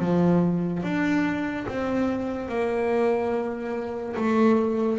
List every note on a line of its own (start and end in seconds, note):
0.00 0.83 F3
0.83 1.67 D4
1.68 2.49 C4
2.49 4.16 A#3
4.17 4.99 A3